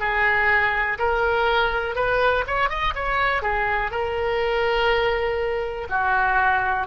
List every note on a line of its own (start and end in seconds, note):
0.00 0.98 G#4
0.99 1.96 A#4
1.96 2.45 B4
2.48 2.70 C#5
2.70 2.94 D#5
2.96 3.43 C#5
3.43 3.92 G#4
3.92 5.88 A#4
5.90 6.88 F#4